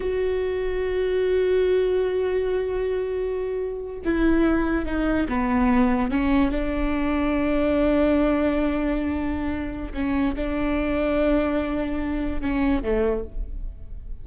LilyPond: \new Staff \with { instrumentName = "viola" } { \time 4/4 \tempo 4 = 145 fis'1~ | fis'1~ | fis'4.~ fis'16 e'2 dis'16~ | dis'8. b2 cis'4 d'16~ |
d'1~ | d'1 | cis'4 d'2.~ | d'2 cis'4 a4 | }